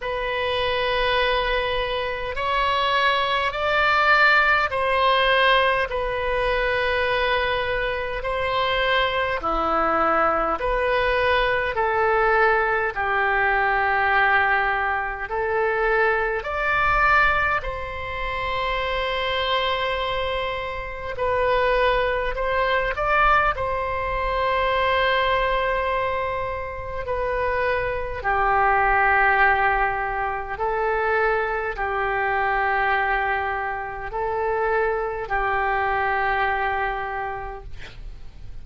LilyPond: \new Staff \with { instrumentName = "oboe" } { \time 4/4 \tempo 4 = 51 b'2 cis''4 d''4 | c''4 b'2 c''4 | e'4 b'4 a'4 g'4~ | g'4 a'4 d''4 c''4~ |
c''2 b'4 c''8 d''8 | c''2. b'4 | g'2 a'4 g'4~ | g'4 a'4 g'2 | }